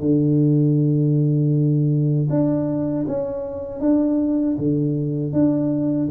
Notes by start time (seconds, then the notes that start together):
0.00 D3
2.30 D4
3.08 C#4
3.80 D4
4.58 D3
5.33 D4